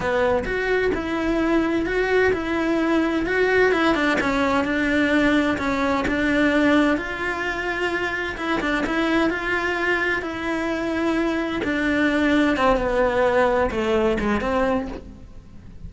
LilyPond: \new Staff \with { instrumentName = "cello" } { \time 4/4 \tempo 4 = 129 b4 fis'4 e'2 | fis'4 e'2 fis'4 | e'8 d'8 cis'4 d'2 | cis'4 d'2 f'4~ |
f'2 e'8 d'8 e'4 | f'2 e'2~ | e'4 d'2 c'8 b8~ | b4. a4 gis8 c'4 | }